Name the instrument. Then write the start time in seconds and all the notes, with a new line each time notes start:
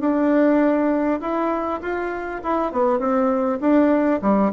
bassoon
0.00 D4
1.21 E4
1.81 F4
2.44 E4
2.72 B3
2.99 C4
3.61 D4
4.22 G3